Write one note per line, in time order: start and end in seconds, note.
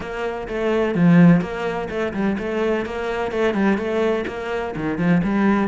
0.00 0.47 A#3
0.48 0.94 A3
0.94 1.41 F3
1.41 1.88 A#3
1.89 2.13 A3
2.13 2.37 G3
2.38 2.85 A3
2.85 3.31 A#3
3.31 3.53 A3
3.53 3.77 G3
3.77 4.24 A3
4.27 4.74 A#3
4.76 4.98 D#3
4.98 5.21 F3
5.23 5.68 G3